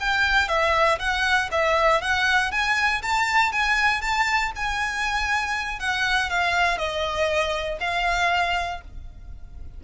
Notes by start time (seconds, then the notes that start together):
0.00 G5
0.49 E5
0.99 F#5
1.52 E5
2.02 F#5
2.52 G#5
3.03 A5
3.53 G#5
4.02 A5
4.56 G#5
5.80 F#5
6.30 F5
6.78 D#5
7.81 F5